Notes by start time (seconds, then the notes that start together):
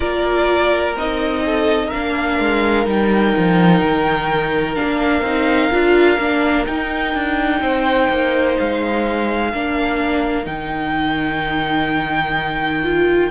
0.00 A#3 F4 A#4 D5
0.96 C4 D#4 D#5
1.45 A4
1.87 D4 A#4 F5
1.93 A#3
2.39 G#3
2.85 G3 D#4 G5
3.37 F3
3.82 D#3
4.75 A#3 D4 F5
5.21 C4 D#4
5.70 D4 F4
6.18 A#3 D4
6.66 D#4 G5
7.14 D4
7.60 C4 C5
8.08 A#3
8.58 G#3 F5
9.52 A#3 D4 A#4
10.43 D#3 D#4 G5
12.83 F4